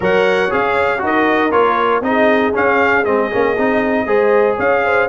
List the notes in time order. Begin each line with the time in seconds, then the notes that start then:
0.00 F#3 A#4 C#5 F#5
0.50 C#4 G#4 F5
0.98 D#4 F#4
1.04 A#4 D#5
1.51 A#3 F4 C#5
2.01 C4 D#4 G#4 D#5
2.53 C#4 F5
3.04 G#3 C4 D#5
3.31 A#3 C#4
3.57 C4 D#4
4.06 G#3 G#4 C5
4.56 C#4 C#5 F5
4.84 C5